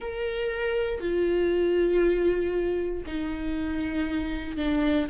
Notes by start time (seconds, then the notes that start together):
0.00 A#4
1.00 F4
3.06 D#4
4.56 D4